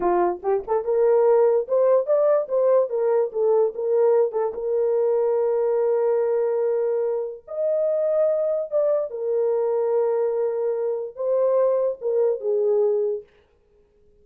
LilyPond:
\new Staff \with { instrumentName = "horn" } { \time 4/4 \tempo 4 = 145 f'4 g'8 a'8 ais'2 | c''4 d''4 c''4 ais'4 | a'4 ais'4. a'8 ais'4~ | ais'1~ |
ais'2 dis''2~ | dis''4 d''4 ais'2~ | ais'2. c''4~ | c''4 ais'4 gis'2 | }